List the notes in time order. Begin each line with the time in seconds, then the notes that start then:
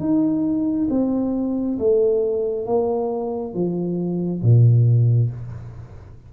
0.00 D#4
0.90 C4
1.79 A3
2.66 A#3
3.54 F3
4.42 A#2